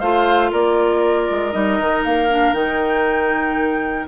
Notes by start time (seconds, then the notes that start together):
0.00 A3 F4 C5 F5
0.52 A#3 A#4 D5
1.31 G#3
1.52 G3 D#4 D#5
1.80 D#3
2.05 A#3 F5
2.30 D4
2.53 D#3 D#4 G5